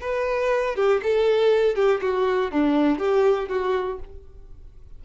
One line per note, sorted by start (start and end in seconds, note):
0.00 0.75 B4
0.75 1.00 G4
1.02 1.75 A4
1.75 2.00 G4
2.01 2.51 F#4
2.51 2.98 D4
2.98 3.49 G4
3.49 3.99 F#4